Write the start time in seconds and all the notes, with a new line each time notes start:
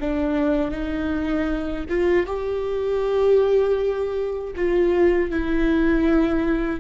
0.00 D4
0.71 D#4
1.89 F4
2.26 G4
4.56 F4
5.30 E4